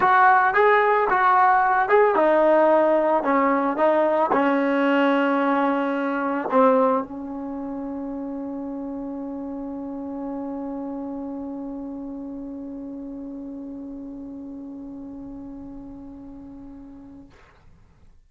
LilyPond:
\new Staff \with { instrumentName = "trombone" } { \time 4/4 \tempo 4 = 111 fis'4 gis'4 fis'4. gis'8 | dis'2 cis'4 dis'4 | cis'1 | c'4 cis'2.~ |
cis'1~ | cis'1~ | cis'1~ | cis'1 | }